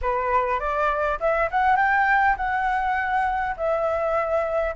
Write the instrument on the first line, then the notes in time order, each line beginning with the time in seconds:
flute
0.01 B4
0.59 D5
1.19 E5
1.50 F#5
1.76 G5
2.37 F#5
3.56 E5